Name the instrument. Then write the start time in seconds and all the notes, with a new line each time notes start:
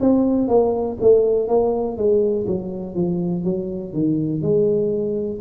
tuba
0.00 C4
0.48 A#3
1.01 A3
1.48 A#3
1.97 G#3
2.47 F#3
2.95 F3
3.44 F#3
3.93 D#3
4.42 G#3